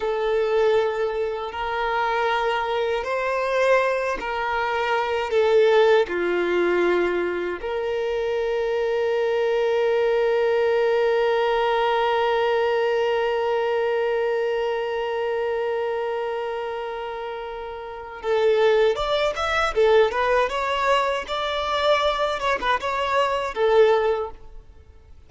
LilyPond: \new Staff \with { instrumentName = "violin" } { \time 4/4 \tempo 4 = 79 a'2 ais'2 | c''4. ais'4. a'4 | f'2 ais'2~ | ais'1~ |
ais'1~ | ais'1 | a'4 d''8 e''8 a'8 b'8 cis''4 | d''4. cis''16 b'16 cis''4 a'4 | }